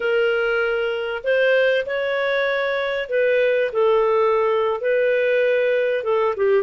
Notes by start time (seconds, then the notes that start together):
0.00 A#4
1.23 C5
1.86 C#5
3.09 B4
3.72 A4
4.81 B4
6.03 A4
6.36 G4